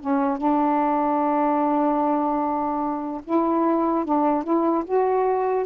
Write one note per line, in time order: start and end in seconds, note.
0.00 0.38 C#4
0.38 3.21 D4
3.24 4.05 E4
4.05 4.43 D4
4.43 4.84 E4
4.85 5.66 F#4